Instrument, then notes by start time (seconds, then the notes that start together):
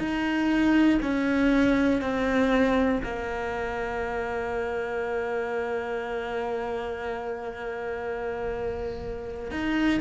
cello
0.00 D#4
1.02 C#4
2.02 C4
3.04 A#3
9.51 D#4